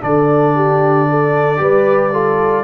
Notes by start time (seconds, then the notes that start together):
0.00 D3 D4 A4 D5
0.55 G4
1.10 A4
1.57 G3 G4 B4
2.13 F4 A4